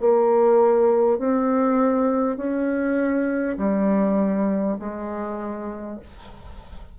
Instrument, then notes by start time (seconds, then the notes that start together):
bassoon
0.00 A#3
1.18 C4
2.37 C#4
3.57 G3
4.79 G#3